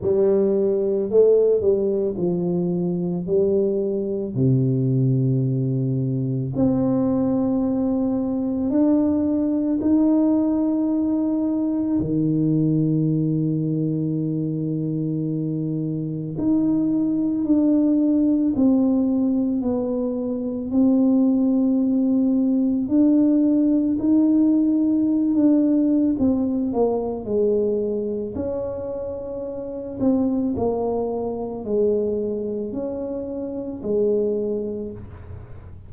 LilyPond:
\new Staff \with { instrumentName = "tuba" } { \time 4/4 \tempo 4 = 55 g4 a8 g8 f4 g4 | c2 c'2 | d'4 dis'2 dis4~ | dis2. dis'4 |
d'4 c'4 b4 c'4~ | c'4 d'4 dis'4~ dis'16 d'8. | c'8 ais8 gis4 cis'4. c'8 | ais4 gis4 cis'4 gis4 | }